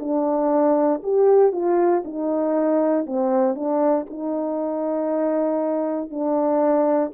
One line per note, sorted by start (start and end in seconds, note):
0.00 1.02 D4
1.04 1.53 G4
1.53 2.03 F4
2.05 3.06 D#4
3.06 3.55 C4
3.55 4.06 D4
4.10 6.11 D#4
6.11 7.12 D4